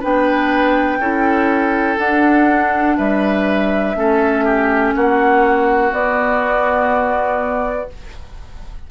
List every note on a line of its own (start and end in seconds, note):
0.00 1.00 B3
0.00 1.00 D4
0.00 0.98 B4
0.00 1.99 G5
1.00 1.98 C#4
1.00 1.99 E4
1.00 2.97 A4
1.99 2.97 D4
1.99 3.96 D4
1.99 2.97 F#5
2.98 3.96 G3
2.98 3.96 B4
2.98 4.94 E5
3.96 4.94 A3
3.96 5.92 C#4
3.96 4.45 A4
4.45 4.94 G4
4.96 5.92 A#3
4.96 7.91 F#4
4.96 5.93 F#5
5.92 7.89 B3
5.92 7.90 D5